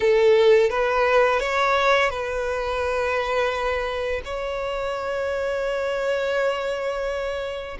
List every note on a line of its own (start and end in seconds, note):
0.00 0.69 A4
0.69 1.39 B4
1.39 2.10 C#5
2.10 4.21 B4
4.24 7.77 C#5